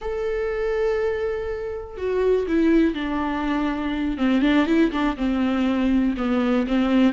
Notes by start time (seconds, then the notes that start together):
0.01 A4
1.97 F#4
2.47 E4
2.94 D4
4.17 C4
4.42 D4
4.66 E4
4.91 D4
5.16 C4
6.17 B3
6.67 C4